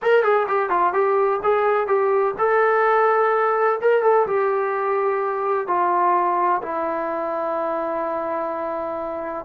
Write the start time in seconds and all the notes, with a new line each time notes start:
0.02 A#4
0.23 G#4
0.48 G4
0.69 F4
0.93 G4
1.43 G#4
1.87 G4
2.38 A4
3.81 A#4
4.02 A4
4.26 G4
5.67 F4
6.62 E4